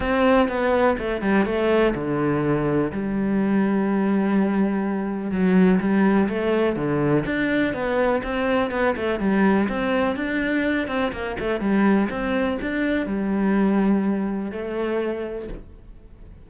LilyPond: \new Staff \with { instrumentName = "cello" } { \time 4/4 \tempo 4 = 124 c'4 b4 a8 g8 a4 | d2 g2~ | g2. fis4 | g4 a4 d4 d'4 |
b4 c'4 b8 a8 g4 | c'4 d'4. c'8 ais8 a8 | g4 c'4 d'4 g4~ | g2 a2 | }